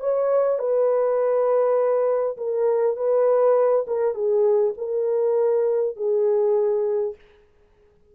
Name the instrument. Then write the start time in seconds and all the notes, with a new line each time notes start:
horn
0.00 C#5
0.59 B4
2.37 A#4
2.96 B4
3.87 A#4
4.14 G#4
4.78 A#4
5.96 G#4